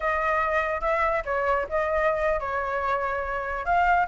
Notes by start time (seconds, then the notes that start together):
0.00 D#5
0.81 E5
1.25 C#5
1.69 D#5
2.40 C#5
3.65 F5